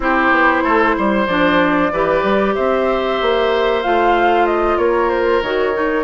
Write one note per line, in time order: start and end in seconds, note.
0.00 0.31 C4
0.00 1.27 E4
0.00 0.63 G4
0.00 1.26 C5
0.31 0.62 B3
0.63 0.96 A3
0.63 0.95 A4
0.97 1.27 G3
0.97 1.92 C5
1.26 1.91 F3
1.26 1.93 D4
1.26 2.54 D5
1.92 2.23 E3
1.92 3.83 G4
1.92 2.54 B4
2.23 2.55 G3
2.54 3.21 C4
2.54 4.78 C5
2.54 3.82 E5
3.21 3.85 A#3
3.82 4.77 A3
3.82 5.43 F4
3.82 4.46 F5
4.46 4.78 D#5
4.77 5.41 A#3
4.77 6.03 A#4
4.77 5.09 C#5
5.09 5.41 C5
5.41 6.03 D#3
5.41 5.73 F#4
5.41 6.03 C#5
5.73 6.03 D#4